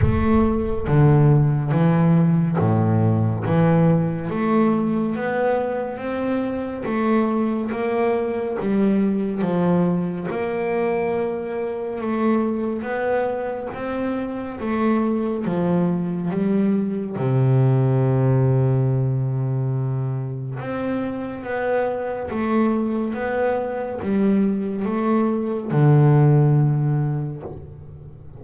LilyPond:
\new Staff \with { instrumentName = "double bass" } { \time 4/4 \tempo 4 = 70 a4 d4 e4 a,4 | e4 a4 b4 c'4 | a4 ais4 g4 f4 | ais2 a4 b4 |
c'4 a4 f4 g4 | c1 | c'4 b4 a4 b4 | g4 a4 d2 | }